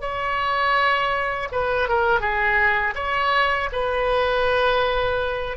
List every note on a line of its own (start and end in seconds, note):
0.00 1.48 C#5
1.52 1.88 B4
1.88 2.20 A#4
2.20 2.94 G#4
2.95 3.69 C#5
3.72 5.57 B4